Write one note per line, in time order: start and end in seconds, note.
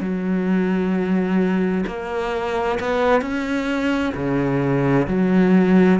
0.00 1.85 F#3
1.87 2.79 A#3
2.79 3.21 B3
3.21 4.14 C#4
4.15 5.07 C#3
5.07 6.00 F#3